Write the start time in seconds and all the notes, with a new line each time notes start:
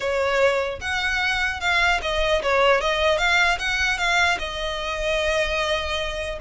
0.00 C#5
0.80 F#5
1.60 F5
2.01 D#5
2.42 C#5
2.80 D#5
3.18 F5
3.58 F#5
3.98 F5
4.38 D#5